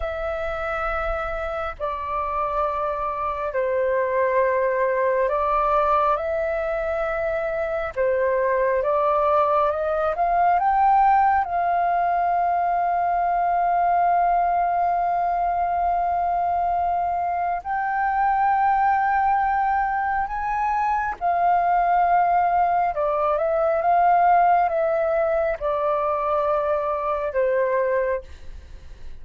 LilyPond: \new Staff \with { instrumentName = "flute" } { \time 4/4 \tempo 4 = 68 e''2 d''2 | c''2 d''4 e''4~ | e''4 c''4 d''4 dis''8 f''8 | g''4 f''2.~ |
f''1 | g''2. gis''4 | f''2 d''8 e''8 f''4 | e''4 d''2 c''4 | }